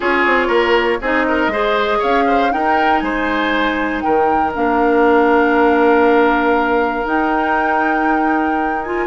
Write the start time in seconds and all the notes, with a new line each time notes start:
0.00 C#4 F4 G#4 C#5
0.26 C4
0.47 A#3 A#4
1.01 C4 D#4 G#4 D#5
1.28 A#4
1.47 G#3 G#4 C5
1.98 C#4 C#5 F5
2.26 C5
2.49 D#4 A#4 G5
2.99 G#3 C5 G#5
4.01 D#3 A#4 G5
4.54 A#3 D4 F5
7.04 D#4 G5
8.82 F4 G#5